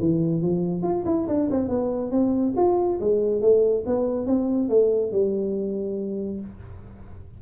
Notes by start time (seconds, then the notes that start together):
0.00 E3
0.42 F3
0.83 F4
1.06 E4
1.28 D4
1.51 C4
1.69 B3
2.11 C4
2.57 F4
3.01 G#3
3.42 A3
3.86 B3
4.27 C4
4.69 A3
5.12 G3